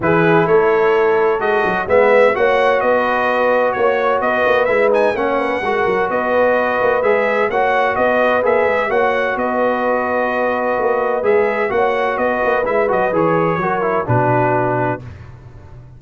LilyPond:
<<
  \new Staff \with { instrumentName = "trumpet" } { \time 4/4 \tempo 4 = 128 b'4 cis''2 dis''4 | e''4 fis''4 dis''2 | cis''4 dis''4 e''8 gis''8 fis''4~ | fis''4 dis''2 e''4 |
fis''4 dis''4 e''4 fis''4 | dis''1 | e''4 fis''4 dis''4 e''8 dis''8 | cis''2 b'2 | }
  \new Staff \with { instrumentName = "horn" } { \time 4/4 gis'4 a'2. | b'4 cis''4 b'2 | cis''4 b'2 cis''8 b'8 | ais'4 b'2. |
cis''4 b'2 cis''4 | b'1~ | b'4 cis''4 b'2~ | b'4 ais'4 fis'2 | }
  \new Staff \with { instrumentName = "trombone" } { \time 4/4 e'2. fis'4 | b4 fis'2.~ | fis'2 e'8 dis'8 cis'4 | fis'2. gis'4 |
fis'2 gis'4 fis'4~ | fis'1 | gis'4 fis'2 e'8 fis'8 | gis'4 fis'8 e'8 d'2 | }
  \new Staff \with { instrumentName = "tuba" } { \time 4/4 e4 a2 gis8 fis8 | gis4 ais4 b2 | ais4 b8 ais8 gis4 ais4 | gis8 fis8 b4. ais8 gis4 |
ais4 b4 ais8 gis8 ais4 | b2. ais4 | gis4 ais4 b8 ais8 gis8 fis8 | e4 fis4 b,2 | }
>>